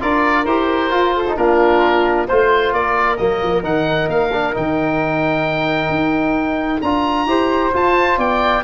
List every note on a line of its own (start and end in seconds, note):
0.00 0.46 D4
0.00 0.45 F4
0.00 1.15 A#4
0.00 0.46 D5
0.46 0.91 E4
0.46 0.91 G4
0.46 1.37 C5
0.91 1.25 F4
0.91 1.37 F4
1.16 1.37 A4
1.29 1.37 D#4
1.37 2.28 A#3
1.37 2.28 D4
1.37 2.28 F4
1.37 2.28 A#4
2.29 2.73 A3
2.29 3.18 F4
2.29 2.74 C5
2.73 3.19 A#3
2.73 7.28 A#4
2.73 3.17 D5
3.17 3.43 F#3
3.17 3.63 A#3
3.17 3.63 D#5
3.43 3.64 F3
3.63 4.08 D#3
3.63 4.31 D#4
3.63 4.10 F#5
4.08 4.54 A#3
4.08 4.55 F5
4.33 4.54 D4
4.54 5.90 D#3
4.54 6.81 D#4
4.54 6.82 G5
5.90 6.80 D#4
6.82 7.27 D4
6.82 7.28 F4
6.82 7.73 A#5
7.27 7.72 E4
7.27 7.73 G4
7.27 8.18 C5
7.73 8.64 F4
7.73 8.18 F4
7.73 8.19 A5
8.18 8.64 B3
8.18 8.64 D5
8.18 8.64 G5